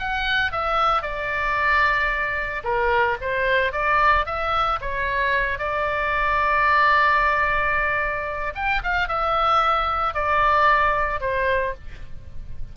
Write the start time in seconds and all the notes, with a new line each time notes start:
0.00 F#5
0.52 E5
1.03 D5
2.64 A#4
3.22 C5
3.73 D5
4.26 E5
4.81 C#5
5.59 D5
8.55 G5
8.84 F5
9.09 E5
10.15 D5
11.21 C5